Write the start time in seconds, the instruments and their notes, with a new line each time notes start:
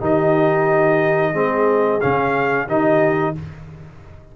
0.00 tuba D#3, trombone D#4, horn G4, trumpet D#5
1.32 tuba G#3, trombone C4, horn G#4
2.01 tuba C#3, trombone C#4, trumpet F5
2.68 tuba D#3, trombone D#4, horn G4, trumpet D#5